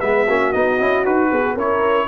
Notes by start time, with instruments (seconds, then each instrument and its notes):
0.00 tuba G#3, trombone B3, horn B4, trumpet E5
0.26 tuba A#3, trombone C#4, horn F#4
0.53 tuba B3, trombone D#4, trumpet D#5
0.79 tuba C#4, trombone E4
1.05 tuba D#4, trombone F#4, trumpet B4
1.31 tuba B3, horn G#4
1.54 tuba C#4, trombone E4, horn A#4, trumpet C#5